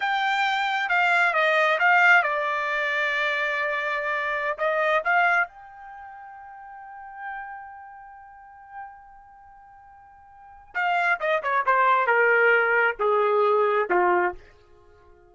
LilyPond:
\new Staff \with { instrumentName = "trumpet" } { \time 4/4 \tempo 4 = 134 g''2 f''4 dis''4 | f''4 d''2.~ | d''2~ d''16 dis''4 f''8.~ | f''16 g''2.~ g''8.~ |
g''1~ | g''1 | f''4 dis''8 cis''8 c''4 ais'4~ | ais'4 gis'2 f'4 | }